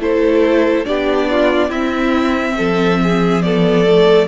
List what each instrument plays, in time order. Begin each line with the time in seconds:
0.00 cello A3, viola E4, violin A4 C5
0.85 cello B3, viola D4, violin G4 D5
1.31 violin F4
1.69 cello C4, viola C4, violin E4 E5
2.58 cello F3, violin A4
3.03 violin G#4
3.42 viola B3, violin A4 D5
3.85 viola A3